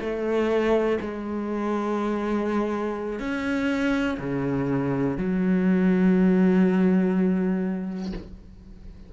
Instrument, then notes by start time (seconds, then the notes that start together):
cello
0.00 A3
1.01 G#3
3.20 C#4
4.19 C#3
5.18 F#3